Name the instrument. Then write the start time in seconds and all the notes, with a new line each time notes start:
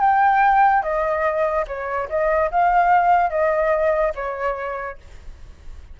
flute
0.00 G5
0.82 D#5
1.67 C#5
2.09 D#5
2.51 F5
3.30 D#5
4.15 C#5